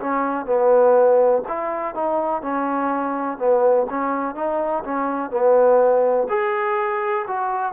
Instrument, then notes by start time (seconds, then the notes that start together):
trombone
0.00 C#4
0.46 B3
1.48 E4
1.95 D#4
2.42 C#4
3.39 B3
3.90 C#4
4.35 D#4
4.84 C#4
5.31 B3
6.29 G#4
7.28 F#4